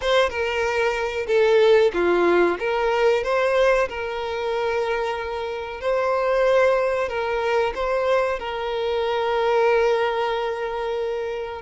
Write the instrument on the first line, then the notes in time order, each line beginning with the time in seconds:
violin
0.01 C5
0.29 A#4
1.27 A4
1.93 F4
2.59 A#4
3.23 C5
3.89 A#4
5.81 C5
7.08 A#4
7.74 C5
8.39 A#4